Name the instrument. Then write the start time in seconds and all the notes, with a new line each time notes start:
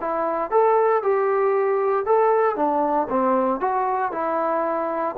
trombone
0.00 E4
0.51 A4
1.02 G4
2.05 A4
2.56 D4
3.09 C4
3.60 F#4
4.12 E4